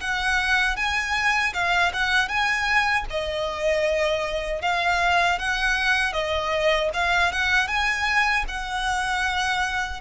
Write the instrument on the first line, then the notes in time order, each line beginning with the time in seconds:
violin
0.00 F#5
0.76 G#5
1.53 F5
1.93 F#5
2.28 G#5
3.09 D#5
4.62 F5
5.38 F#5
6.13 D#5
6.93 F5
7.32 F#5
7.67 G#5
8.48 F#5